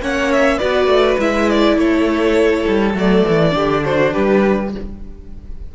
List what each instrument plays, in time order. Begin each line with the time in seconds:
0.00 cello A#3, viola C#4, violin C#5 F#5
0.32 violin E5
0.57 cello B3, viola F#4, violin B4 D5
0.87 cello A3
1.19 cello G#3, viola E4, violin E5
1.50 violin D5
1.77 cello A3, violin A4 C#5
2.68 cello G3
2.94 cello F#3, viola A3, violin D5
3.28 cello E3
3.51 cello D3, viola D4, violin G4
3.85 violin F#4 C5
4.13 cello G3, violin G4 B4